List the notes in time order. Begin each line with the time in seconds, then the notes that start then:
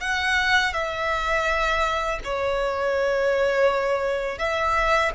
0.00 F#5
0.73 E5
2.24 C#5
4.38 E5